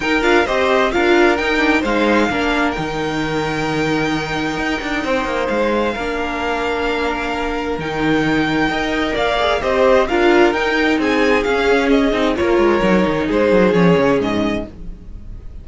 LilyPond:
<<
  \new Staff \with { instrumentName = "violin" } { \time 4/4 \tempo 4 = 131 g''8 f''8 dis''4 f''4 g''4 | f''2 g''2~ | g''1 | f''1~ |
f''4 g''2. | f''4 dis''4 f''4 g''4 | gis''4 f''4 dis''4 cis''4~ | cis''4 c''4 cis''4 dis''4 | }
  \new Staff \with { instrumentName = "violin" } { \time 4/4 ais'4 c''4 ais'2 | c''4 ais'2.~ | ais'2. c''4~ | c''4 ais'2.~ |
ais'2. dis''4 | d''4 c''4 ais'2 | gis'2. ais'4~ | ais'4 gis'2. | }
  \new Staff \with { instrumentName = "viola" } { \time 4/4 dis'8 f'8 g'4 f'4 dis'8 d'8 | dis'4 d'4 dis'2~ | dis'1~ | dis'4 d'2.~ |
d'4 dis'2 ais'4~ | ais'8 gis'8 g'4 f'4 dis'4~ | dis'4 cis'4. dis'8 f'4 | dis'2 cis'2 | }
  \new Staff \with { instrumentName = "cello" } { \time 4/4 dis'8 d'8 c'4 d'4 dis'4 | gis4 ais4 dis2~ | dis2 dis'8 d'8 c'8 ais8 | gis4 ais2.~ |
ais4 dis2 dis'4 | ais4 c'4 d'4 dis'4 | c'4 cis'4. c'8 ais8 gis8 | fis8 dis8 gis8 fis8 f8 cis8 gis,4 | }
>>